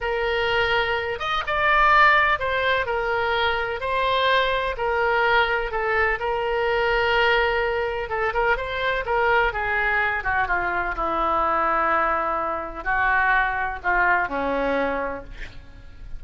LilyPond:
\new Staff \with { instrumentName = "oboe" } { \time 4/4 \tempo 4 = 126 ais'2~ ais'8 dis''8 d''4~ | d''4 c''4 ais'2 | c''2 ais'2 | a'4 ais'2.~ |
ais'4 a'8 ais'8 c''4 ais'4 | gis'4. fis'8 f'4 e'4~ | e'2. fis'4~ | fis'4 f'4 cis'2 | }